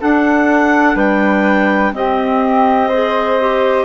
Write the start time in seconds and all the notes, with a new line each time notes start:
0.00 D4 A4 F#5
0.95 G3 B4 G5
1.93 C4 G4 D#5
2.88 G#4 C5
3.40 G4